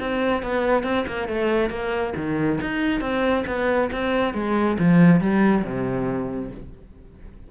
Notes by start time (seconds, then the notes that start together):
0.00 C4
0.43 B3
0.84 C4
1.08 A#3
1.29 A3
1.70 A#3
2.17 D#3
2.61 D#4
3.01 C4
3.47 B3
3.92 C4
4.34 G#3
4.79 F3
5.21 G3
5.64 C3